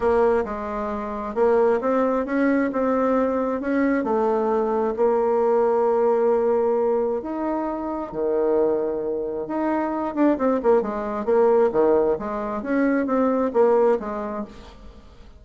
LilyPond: \new Staff \with { instrumentName = "bassoon" } { \time 4/4 \tempo 4 = 133 ais4 gis2 ais4 | c'4 cis'4 c'2 | cis'4 a2 ais4~ | ais1 |
dis'2 dis2~ | dis4 dis'4. d'8 c'8 ais8 | gis4 ais4 dis4 gis4 | cis'4 c'4 ais4 gis4 | }